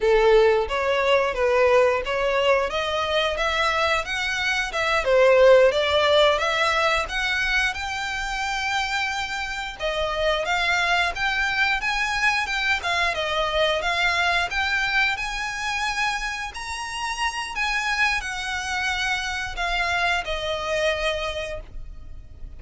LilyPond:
\new Staff \with { instrumentName = "violin" } { \time 4/4 \tempo 4 = 89 a'4 cis''4 b'4 cis''4 | dis''4 e''4 fis''4 e''8 c''8~ | c''8 d''4 e''4 fis''4 g''8~ | g''2~ g''8 dis''4 f''8~ |
f''8 g''4 gis''4 g''8 f''8 dis''8~ | dis''8 f''4 g''4 gis''4.~ | gis''8 ais''4. gis''4 fis''4~ | fis''4 f''4 dis''2 | }